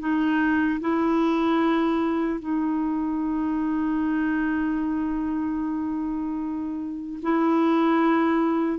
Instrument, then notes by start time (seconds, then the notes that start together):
clarinet
0.00 D#4
0.81 E4
2.40 D#4
7.23 E4